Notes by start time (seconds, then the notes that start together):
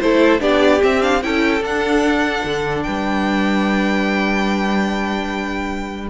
0.00 A3 E4 A4 C5
0.40 B3 D4 G4 D5
0.81 C4 E5
1.02 D4 F5
1.23 C#4 E4 A4 G5
1.61 D4 F#5
2.45 D3
2.83 G3 B4 G5